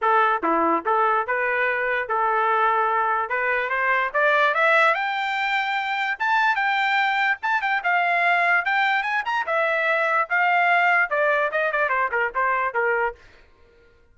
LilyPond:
\new Staff \with { instrumentName = "trumpet" } { \time 4/4 \tempo 4 = 146 a'4 e'4 a'4 b'4~ | b'4 a'2. | b'4 c''4 d''4 e''4 | g''2. a''4 |
g''2 a''8 g''8 f''4~ | f''4 g''4 gis''8 ais''8 e''4~ | e''4 f''2 d''4 | dis''8 d''8 c''8 ais'8 c''4 ais'4 | }